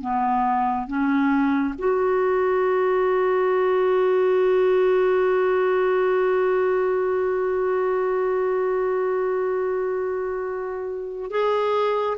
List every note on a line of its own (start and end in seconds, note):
0.00 0.87 B3
0.87 1.74 C#4
1.78 11.30 F#4
11.30 12.17 G#4